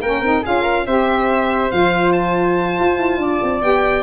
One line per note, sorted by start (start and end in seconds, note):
0.00 0.21 A#3
0.00 0.24 C#4
0.00 0.42 A#4
0.00 0.44 G5
0.21 0.42 C4
0.21 0.44 D#4
0.42 0.87 C#4
0.42 0.87 F4
0.42 0.62 G#4
0.42 0.87 F5
0.62 0.83 A#4
0.87 1.72 C4
0.87 1.71 G4
0.87 3.21 C5
0.87 1.72 E5
1.71 2.79 F3
1.71 3.62 F4
1.71 2.13 F5
2.13 3.62 A5
2.80 2.98 F4
2.98 3.17 E4
3.17 3.39 D4
3.17 4.03 D5
3.43 3.63 C4
3.62 4.03 B3
3.62 4.03 G4
3.62 4.03 G5